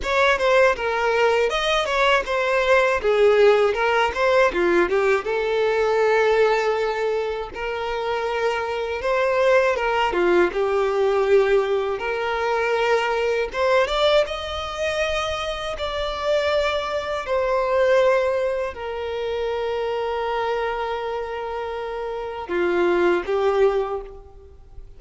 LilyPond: \new Staff \with { instrumentName = "violin" } { \time 4/4 \tempo 4 = 80 cis''8 c''8 ais'4 dis''8 cis''8 c''4 | gis'4 ais'8 c''8 f'8 g'8 a'4~ | a'2 ais'2 | c''4 ais'8 f'8 g'2 |
ais'2 c''8 d''8 dis''4~ | dis''4 d''2 c''4~ | c''4 ais'2.~ | ais'2 f'4 g'4 | }